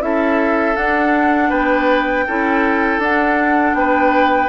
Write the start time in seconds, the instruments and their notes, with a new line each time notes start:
0.00 bassoon C#4, clarinet E4, oboe A4, flute E5
0.76 clarinet D4, bassoon D4, flute F#5
1.49 bassoon B3, oboe B4, flute G5
2.27 bassoon C#4, clarinet E4, oboe A4
2.98 bassoon D4, clarinet D4, flute F#5
3.74 bassoon B3, oboe B4, flute G5